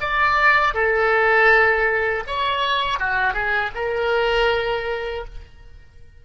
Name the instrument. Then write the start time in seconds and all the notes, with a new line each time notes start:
oboe
0.00 D5
0.74 A4
2.26 C#5
2.99 F#4
3.33 G#4
3.74 A#4